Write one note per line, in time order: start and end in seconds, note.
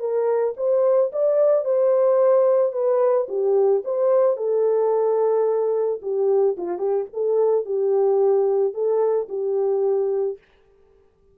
0.00 0.55 A#4
0.57 1.12 C5
1.13 1.65 D5
1.65 2.73 C5
2.73 3.28 B4
3.29 3.83 G4
3.85 4.37 C5
4.37 6.01 A4
6.02 6.57 G4
6.58 6.79 F4
6.79 7.06 G4
7.14 7.66 A4
7.66 8.74 G4
8.74 9.29 A4
9.29 10.38 G4